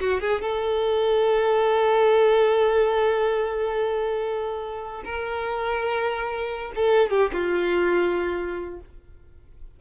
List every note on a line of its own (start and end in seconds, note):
0.00 0.21 F#4
0.21 0.42 G#4
0.42 5.03 A4
5.05 6.72 A#4
6.76 7.10 A4
7.10 7.31 G4
7.33 8.80 F4